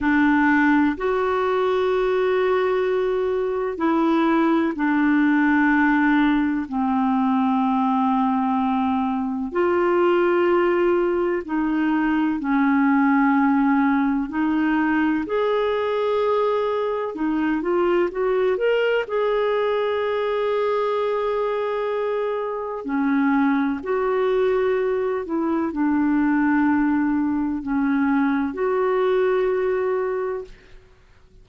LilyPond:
\new Staff \with { instrumentName = "clarinet" } { \time 4/4 \tempo 4 = 63 d'4 fis'2. | e'4 d'2 c'4~ | c'2 f'2 | dis'4 cis'2 dis'4 |
gis'2 dis'8 f'8 fis'8 ais'8 | gis'1 | cis'4 fis'4. e'8 d'4~ | d'4 cis'4 fis'2 | }